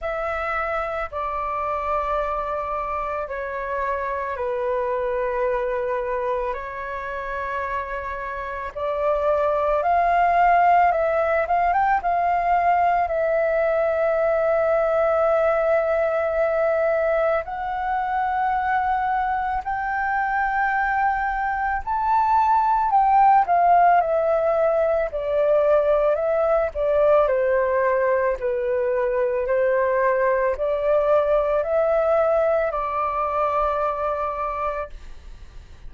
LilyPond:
\new Staff \with { instrumentName = "flute" } { \time 4/4 \tempo 4 = 55 e''4 d''2 cis''4 | b'2 cis''2 | d''4 f''4 e''8 f''16 g''16 f''4 | e''1 |
fis''2 g''2 | a''4 g''8 f''8 e''4 d''4 | e''8 d''8 c''4 b'4 c''4 | d''4 e''4 d''2 | }